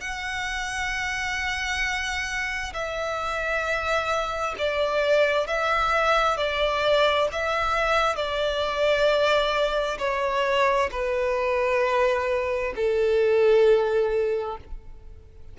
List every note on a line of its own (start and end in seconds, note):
0.00 2.73 F#5
2.73 4.55 E5
4.58 5.47 D5
5.47 6.37 E5
6.37 7.28 D5
7.32 8.16 E5
8.16 9.98 D5
9.98 10.89 C#5
10.91 12.73 B4
12.75 14.57 A4